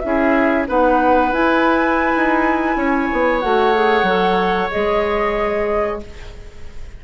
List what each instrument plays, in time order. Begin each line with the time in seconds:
0.00 bassoon C#4, clarinet E4, flute E5
0.06 oboe G#4
0.67 bassoon B3, clarinet D#4, oboe B4, flute F#5
1.32 clarinet E4, bassoon E4, flute G#5
2.16 bassoon D#4
2.76 bassoon C#4, oboe C#5
3.12 bassoon B3
3.40 bassoon A3, clarinet F#4, flute F#5
3.74 clarinet G#4
4.03 bassoon F#3, clarinet A4
4.71 bassoon G#3, clarinet G#4, flute D#5